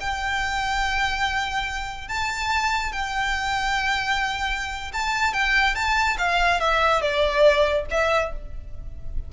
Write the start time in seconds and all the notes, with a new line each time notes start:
0.00 G5
2.08 A5
2.92 G5
4.93 A5
5.33 G5
5.75 A5
6.18 F5
6.60 E5
7.01 D5
7.91 E5